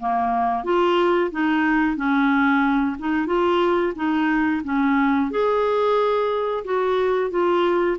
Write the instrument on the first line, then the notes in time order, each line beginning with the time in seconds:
clarinet
0.00 A#3
0.65 F4
1.32 D#4
1.97 C#4
2.99 D#4
3.27 F4
3.96 D#4
4.64 C#4
5.31 G#4
6.65 F#4
7.31 F4